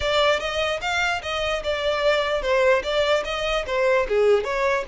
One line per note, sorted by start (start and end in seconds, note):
0.00 0.39 D5
0.39 0.80 D#5
0.81 1.21 F5
1.22 1.63 D#5
1.63 2.42 D5
2.42 2.82 C5
2.83 3.23 D5
3.24 3.65 D#5
3.66 4.07 C5
4.08 4.44 G#4
4.44 4.84 C#5